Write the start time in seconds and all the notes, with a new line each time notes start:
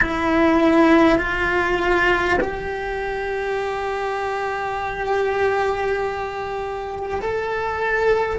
0.01 E4
1.18 F4
2.40 G4
7.21 A4